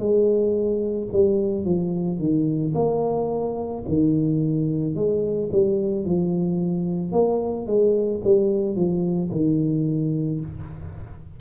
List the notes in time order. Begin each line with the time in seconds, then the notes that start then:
0.00 G#3
1.13 G3
1.66 F3
2.19 D#3
2.75 A#3
3.88 D#3
4.96 G#3
5.52 G3
6.06 F3
7.13 A#3
7.67 G#3
8.25 G3
8.76 F3
9.32 D#3